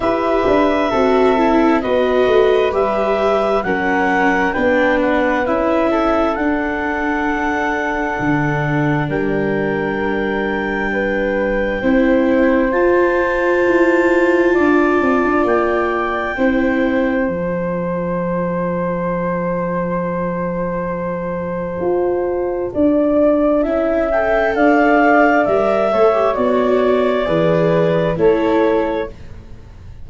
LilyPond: <<
  \new Staff \with { instrumentName = "clarinet" } { \time 4/4 \tempo 4 = 66 e''2 dis''4 e''4 | fis''4 g''8 fis''8 e''4 fis''4~ | fis''2 g''2~ | g''2 a''2~ |
a''4 g''2 a''4~ | a''1~ | a''2~ a''8 g''8 f''4 | e''4 d''2 cis''4 | }
  \new Staff \with { instrumentName = "flute" } { \time 4/4 b'4 a'4 b'2 | ais'4 b'4. a'4.~ | a'2 ais'2 | b'4 c''2. |
d''2 c''2~ | c''1~ | c''4 d''4 e''4 d''4~ | d''8 cis''4. b'4 a'4 | }
  \new Staff \with { instrumentName = "viola" } { \time 4/4 g'4 fis'8 e'8 fis'4 g'4 | cis'4 d'4 e'4 d'4~ | d'1~ | d'4 e'4 f'2~ |
f'2 e'4 f'4~ | f'1~ | f'2 e'8 a'4. | ais'8 a'16 g'16 fis'4 gis'4 e'4 | }
  \new Staff \with { instrumentName = "tuba" } { \time 4/4 e'8 d'8 c'4 b8 a8 g4 | fis4 b4 cis'4 d'4~ | d'4 d4 g2~ | g4 c'4 f'4 e'4 |
d'8 c'16 d'16 ais4 c'4 f4~ | f1 | f'4 d'4 cis'4 d'4 | g8 a8 b4 e4 a4 | }
>>